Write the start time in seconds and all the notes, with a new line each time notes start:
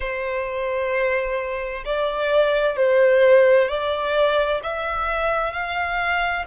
0.00 C5
1.85 D5
2.76 C5
3.68 D5
4.63 E5
5.53 F5